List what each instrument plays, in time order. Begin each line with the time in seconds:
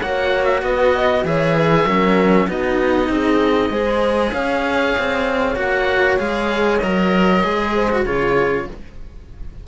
0.00 cello A#3 F#4, horn C#5, oboe F#5
0.44 oboe E5
0.62 cello B3, horn B4, oboe D#5
0.95 horn D#5
1.24 cello E3 G#4, horn C#5, oboe E5
1.56 horn B4
1.85 cello F#3 C#4, horn A#4
2.47 cello B3 D#4, horn F#4, oboe D#5
3.08 cello C4, horn G#4
3.69 cello G#3 G#4, horn C5
4.32 cello C#4, horn C#5, oboe F5
4.98 cello C4
5.55 cello A#3 F#4, oboe F#5
6.17 cello G#3 G#4, oboe F5
6.77 cello F#3 A#4, oboe D#5
7.43 cello G#3 G#4
7.74 horn C5
7.90 cello F#4
8.05 cello C#3 F4, horn G#4, oboe C#5